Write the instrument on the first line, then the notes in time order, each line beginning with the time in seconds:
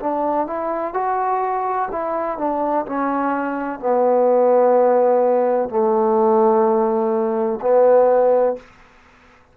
trombone
0.00 D4
0.47 E4
0.94 F#4
1.92 E4
2.38 D4
2.87 C#4
3.80 B3
5.69 A3
7.61 B3